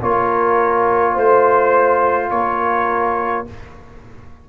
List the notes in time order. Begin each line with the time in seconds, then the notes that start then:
0.00 A#3 F4 A#4 C#5
1.13 A3 C5
2.31 A#3 A#4 C#5